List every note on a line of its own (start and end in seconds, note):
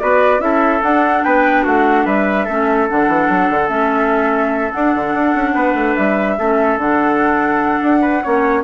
0.00 0.40 B3
0.00 0.39 F#4
0.00 0.44 B4
0.00 0.41 D5
0.39 0.81 C#4
0.39 0.80 E4
0.39 1.25 A4
0.39 0.82 E5
0.83 1.24 D4
0.83 2.49 D4
0.83 1.24 F#5
1.24 1.66 B3
1.24 1.64 B4
1.24 1.65 G5
1.64 2.06 A3
1.64 2.05 F#4
1.64 2.07 F#5
2.06 2.47 G3
2.06 2.46 B4
2.06 2.89 E5
2.46 2.90 A3
2.46 2.89 C#4
2.46 5.54 A4
2.89 3.08 D3
2.89 3.68 D4
2.89 3.69 F#5
3.08 3.29 E3
3.30 3.50 F#3
3.50 3.69 D3
3.68 4.72 A3
3.68 4.71 C#4
3.68 4.72 E5
4.72 6.38 D4
4.72 4.96 D4
4.72 5.96 F#5
4.96 5.15 D3
5.15 5.35 D4
5.35 5.56 C#4
5.55 5.75 B3
5.55 6.37 B4
5.75 5.95 A3
5.96 6.39 G3
5.96 6.78 E5
6.39 6.77 A3
6.39 6.80 C#4
6.39 8.02 A4
6.77 7.80 D3
6.77 8.23 D4
6.77 8.64 F#5
7.83 8.24 D4
8.02 8.23 B4
8.23 8.64 A#3
8.23 8.64 C#4
8.23 8.64 C#5